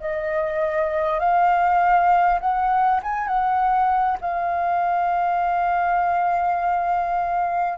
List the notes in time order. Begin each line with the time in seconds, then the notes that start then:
0.00 D#5
1.19 F5
2.40 F#5
3.03 G#5
3.27 F#5
4.21 F5